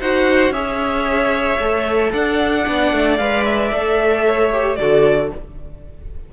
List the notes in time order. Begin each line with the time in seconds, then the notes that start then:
0.00 D#4 F#4 C5 F#5
0.50 C#4 G#4 C#5 E5
1.59 A3 A4
2.12 D4 D5 F#5
2.65 B3 D4
2.92 A3
3.17 G#3 B4 F5
3.45 E5
3.72 A3 A4
4.25 C#5
4.52 G4
4.75 D3 F#4 A4 D5